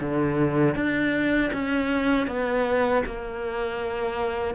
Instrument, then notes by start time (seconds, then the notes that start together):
cello
0.00 D3
0.75 D4
1.53 C#4
2.27 B3
3.06 A#3